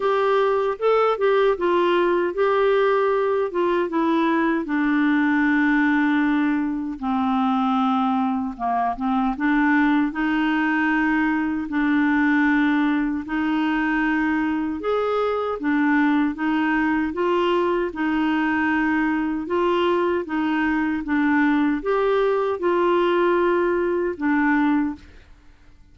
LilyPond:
\new Staff \with { instrumentName = "clarinet" } { \time 4/4 \tempo 4 = 77 g'4 a'8 g'8 f'4 g'4~ | g'8 f'8 e'4 d'2~ | d'4 c'2 ais8 c'8 | d'4 dis'2 d'4~ |
d'4 dis'2 gis'4 | d'4 dis'4 f'4 dis'4~ | dis'4 f'4 dis'4 d'4 | g'4 f'2 d'4 | }